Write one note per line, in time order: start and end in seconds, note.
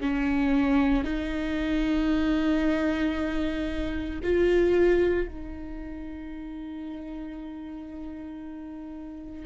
0.00 1.03 C#4
1.03 4.19 D#4
4.23 5.27 F4
5.27 9.45 D#4